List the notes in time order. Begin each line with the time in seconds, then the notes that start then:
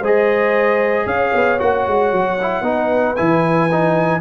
0.00 G#3 G#4 C5
0.06 D#5
1.06 C#4 C#5 F5
1.34 B3
1.59 A#3 F#4 F#5
1.87 G#3
2.12 F#3
2.42 E4
2.61 B3 D#4 B4
3.16 E3 E4 G#5
3.71 D#4